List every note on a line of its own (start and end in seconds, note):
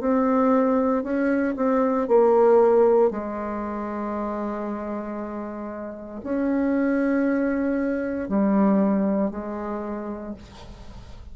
0.00 1.03 C4
1.03 1.55 C#4
1.56 2.07 C4
2.07 3.10 A#3
3.10 6.21 G#3
6.23 8.28 C#4
8.28 9.31 G3
9.31 10.34 G#3